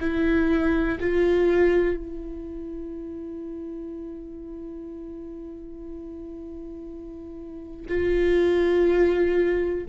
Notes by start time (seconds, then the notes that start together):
0.00 E4
1.00 F4
1.96 E4
7.88 F4